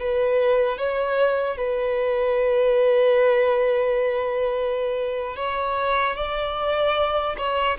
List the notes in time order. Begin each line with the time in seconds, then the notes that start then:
0.00 B4
0.78 C#5
1.57 B4
5.36 C#5
6.16 D5
7.38 C#5